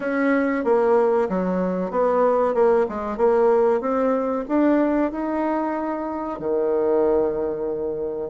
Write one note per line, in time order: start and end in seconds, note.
0.00 0.64 C#4
0.64 1.28 A#3
1.29 1.90 F#3
1.90 2.54 B3
2.54 2.86 A#3
2.89 3.17 G#3
3.17 3.81 A#3
3.81 4.44 C4
4.48 5.11 D4
5.11 6.39 D#4
6.39 8.30 D#3